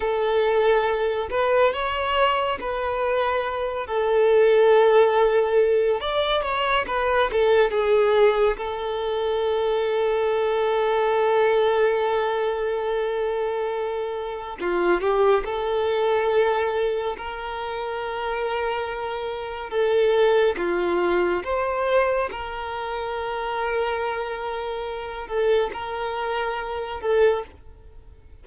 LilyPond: \new Staff \with { instrumentName = "violin" } { \time 4/4 \tempo 4 = 70 a'4. b'8 cis''4 b'4~ | b'8 a'2~ a'8 d''8 cis''8 | b'8 a'8 gis'4 a'2~ | a'1~ |
a'4 f'8 g'8 a'2 | ais'2. a'4 | f'4 c''4 ais'2~ | ais'4. a'8 ais'4. a'8 | }